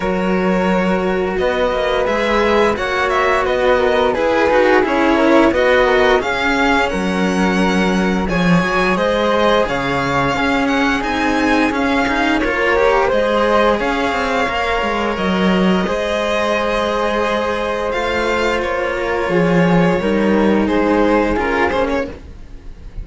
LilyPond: <<
  \new Staff \with { instrumentName = "violin" } { \time 4/4 \tempo 4 = 87 cis''2 dis''4 e''4 | fis''8 e''8 dis''4 b'4 cis''4 | dis''4 f''4 fis''2 | gis''4 dis''4 f''4. fis''8 |
gis''4 f''4 cis''4 dis''4 | f''2 dis''2~ | dis''2 f''4 cis''4~ | cis''2 c''4 ais'8 c''16 cis''16 | }
  \new Staff \with { instrumentName = "flute" } { \time 4/4 ais'2 b'2 | cis''4 b'8 ais'8 gis'4. ais'8 | b'8 ais'8 gis'4 ais'2 | cis''4 c''4 cis''4 gis'4~ |
gis'2 ais'4 c''4 | cis''2. c''4~ | c''2.~ c''8 ais'8 | gis'4 ais'4 gis'2 | }
  \new Staff \with { instrumentName = "cello" } { \time 4/4 fis'2. gis'4 | fis'2 gis'8 fis'8 e'4 | fis'4 cis'2. | gis'2. cis'4 |
dis'4 cis'8 dis'8 f'8 g'8 gis'4~ | gis'4 ais'2 gis'4~ | gis'2 f'2~ | f'4 dis'2 f'8 cis'8 | }
  \new Staff \with { instrumentName = "cello" } { \time 4/4 fis2 b8 ais8 gis4 | ais4 b4 e'8 dis'8 cis'4 | b4 cis'4 fis2 | f8 fis8 gis4 cis4 cis'4 |
c'4 cis'4 ais4 gis4 | cis'8 c'8 ais8 gis8 fis4 gis4~ | gis2 a4 ais4 | f4 g4 gis4 cis'8 ais8 | }
>>